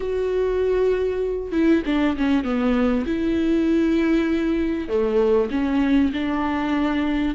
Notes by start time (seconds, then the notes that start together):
0.00 F#4
1.52 E4
1.85 D4
2.17 C#4
2.44 B3
3.06 E4
4.88 A3
5.50 C#4
6.13 D4